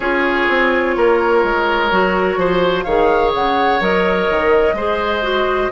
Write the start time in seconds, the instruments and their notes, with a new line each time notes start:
0.00 bassoon C#4, clarinet F4, oboe G#4, flute C#5
0.48 bassoon C4
0.96 bassoon A#3, oboe A#4
1.43 bassoon G#3
1.90 bassoon F#3, clarinet F#4
2.37 bassoon F3, oboe C5
2.83 bassoon D#3, clarinet G#4, oboe C#5, flute F5
3.34 bassoon C#3, flute F#5
3.80 bassoon F#3, clarinet A#4, flute D#5
4.30 bassoon D#3
4.73 bassoon G#3, clarinet G#4, oboe C5
5.22 clarinet F#4